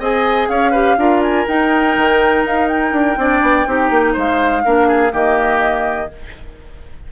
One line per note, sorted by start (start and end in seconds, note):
0.00 0.49 C4
0.00 0.74 G#4
0.00 0.49 D#5
0.00 0.49 G#5
0.49 0.97 C#4
0.49 0.72 C#5
0.49 1.22 F5
0.72 0.98 G4
0.72 0.96 B4
0.97 1.46 D4
0.97 1.47 F4
0.97 3.20 A#4
1.23 1.47 G#5
1.48 1.97 D#4
1.48 3.19 D#4
1.48 2.46 G5
1.97 2.45 D#3
2.45 2.93 D#4
2.45 2.69 F5
2.69 4.15 G5
2.93 3.17 D4
3.17 3.42 C4
3.17 3.67 D4
3.17 3.68 D5
3.42 3.67 B3
3.67 3.91 C4
3.67 4.64 D#4
3.67 4.14 G4
3.91 4.15 A#3
4.14 4.66 G#3
4.14 4.62 C5
4.14 5.15 F5
4.65 5.13 A#3
4.65 5.11 D4
4.65 4.88 A#4
4.88 5.12 G#4
5.11 6.11 D#3
5.11 6.08 A#3
5.11 6.11 G4
5.11 6.12 D#5